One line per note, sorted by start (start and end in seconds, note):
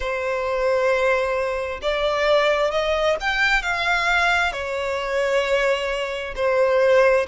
0.00 1.80 C5
1.82 2.71 D5
2.71 3.16 D#5
3.20 3.62 G5
3.62 4.52 F5
4.52 6.34 C#5
6.35 7.26 C5